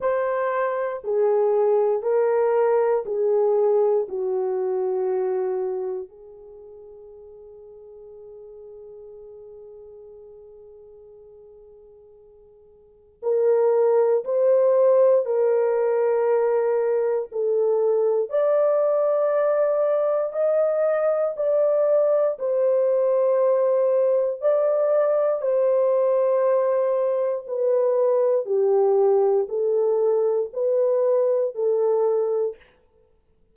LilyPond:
\new Staff \with { instrumentName = "horn" } { \time 4/4 \tempo 4 = 59 c''4 gis'4 ais'4 gis'4 | fis'2 gis'2~ | gis'1~ | gis'4 ais'4 c''4 ais'4~ |
ais'4 a'4 d''2 | dis''4 d''4 c''2 | d''4 c''2 b'4 | g'4 a'4 b'4 a'4 | }